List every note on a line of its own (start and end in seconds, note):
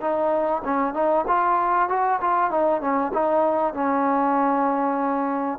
0.00 0.62 D#4
0.64 0.94 C#4
0.94 1.25 D#4
1.27 1.88 F4
1.88 2.19 F#4
2.21 2.50 F4
2.50 2.81 D#4
2.81 3.12 C#4
3.13 3.73 D#4
3.73 5.58 C#4